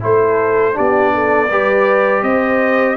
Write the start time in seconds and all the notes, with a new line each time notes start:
0.00 A3 E4 A4 C5
0.73 B3 D4 G4 D5
1.14 A4
1.49 G3 G4 B4
2.22 C4 C5 D#5